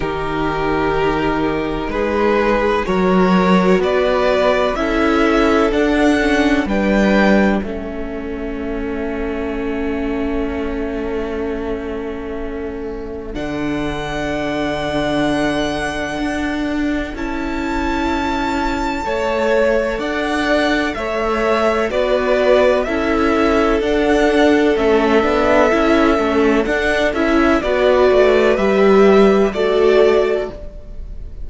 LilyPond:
<<
  \new Staff \with { instrumentName = "violin" } { \time 4/4 \tempo 4 = 63 ais'2 b'4 cis''4 | d''4 e''4 fis''4 g''4 | e''1~ | e''2 fis''2~ |
fis''2 a''2~ | a''4 fis''4 e''4 d''4 | e''4 fis''4 e''2 | fis''8 e''8 d''4 e''4 d''4 | }
  \new Staff \with { instrumentName = "violin" } { \time 4/4 g'2 gis'4 ais'4 | b'4 a'2 b'4 | a'1~ | a'1~ |
a'1 | cis''4 d''4 cis''4 b'4 | a'1~ | a'4 b'2 a'4 | }
  \new Staff \with { instrumentName = "viola" } { \time 4/4 dis'2. fis'4~ | fis'4 e'4 d'8 cis'8 d'4 | cis'1~ | cis'2 d'2~ |
d'2 e'2 | a'2. fis'4 | e'4 d'4 cis'8 d'8 e'8 cis'8 | d'8 e'8 fis'4 g'4 fis'4 | }
  \new Staff \with { instrumentName = "cello" } { \time 4/4 dis2 gis4 fis4 | b4 cis'4 d'4 g4 | a1~ | a2 d2~ |
d4 d'4 cis'2 | a4 d'4 a4 b4 | cis'4 d'4 a8 b8 cis'8 a8 | d'8 cis'8 b8 a8 g4 a4 | }
>>